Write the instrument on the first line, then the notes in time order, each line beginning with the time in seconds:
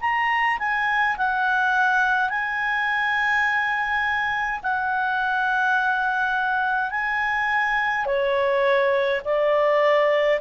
clarinet
0.00 A#5
0.58 G#5
1.17 F#5
2.29 G#5
4.62 F#5
6.90 G#5
8.05 C#5
9.24 D5